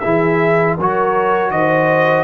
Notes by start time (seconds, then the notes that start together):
0.00 E3 E4 G#4 E5
0.77 F#3 F#4 A#4 C#5
1.50 D#3 C5 D#5